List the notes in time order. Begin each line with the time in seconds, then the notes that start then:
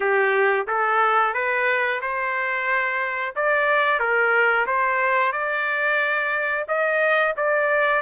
0.00 G4
0.67 A4
1.34 B4
2.01 C5
3.35 D5
3.99 A#4
4.66 C5
5.32 D5
6.68 D#5
7.36 D5